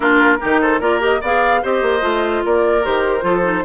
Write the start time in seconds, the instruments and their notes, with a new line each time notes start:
0.00 bassoon A#3, clarinet D4, oboe F4, flute A#4
0.40 bassoon D#3, clarinet D#4, oboe G4
0.60 oboe A4, flute C5
0.79 bassoon A#3, clarinet F4, oboe A#4, flute D5
0.99 clarinet G4, flute D#5
1.20 bassoon B3, clarinet G#4, oboe D5, flute F5
1.62 bassoon C4, clarinet G4, oboe C5, flute D#5
1.82 bassoon A#3
2.00 bassoon A3, clarinet F4
2.45 bassoon A#3, oboe A#4, flute D5
2.83 bassoon D#3, clarinet G4, flute C5
3.20 bassoon F3, clarinet F4, oboe A4
3.42 clarinet D#4